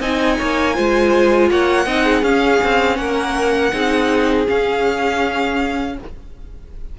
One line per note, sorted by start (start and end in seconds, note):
0.00 0.37 C4
0.00 0.74 D#4
0.00 0.37 D#5
0.00 1.49 G#5
0.38 0.78 A#3
0.38 0.75 C#5
0.74 1.51 G#3
0.74 1.85 F4
0.74 1.50 C5
1.51 1.86 A#3
1.51 1.86 C#5
1.51 2.24 F#5
1.86 2.22 C4
1.86 2.23 D#4
1.86 2.04 D#5
2.04 2.97 G#4
2.22 2.59 C#4
2.22 3.71 C#4
2.22 2.97 F5
2.64 2.98 C4
2.97 3.72 A#3
2.97 3.72 A#4
2.97 4.45 F#5
3.72 4.47 C4
3.72 4.47 D#4
3.72 5.95 G#4
4.47 5.95 C#4
4.47 5.99 C#4
4.47 5.97 F5